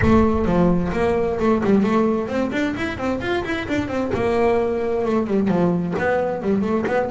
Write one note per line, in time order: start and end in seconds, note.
0.02 0.45 A3
0.45 0.91 F3
0.92 1.38 A#3
1.39 1.62 A3
1.64 1.83 G3
1.83 2.28 A3
2.28 2.51 C4
2.51 2.74 D4
2.76 2.97 E4
2.97 3.20 C4
3.20 3.43 F4
3.44 3.67 E4
3.67 3.88 D4
3.88 4.11 C4
4.14 5.05 A#3
5.05 5.26 A3
5.26 5.48 G3
5.48 5.93 F3
5.98 6.42 B3
6.42 6.61 G3
6.61 6.84 A3
6.86 7.09 B3